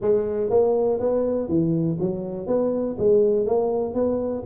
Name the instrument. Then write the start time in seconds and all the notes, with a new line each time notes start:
tuba
0.01 G#3
0.50 A#3
0.99 B3
1.48 E3
2.00 F#3
2.47 B3
2.98 G#3
3.46 A#3
3.94 B3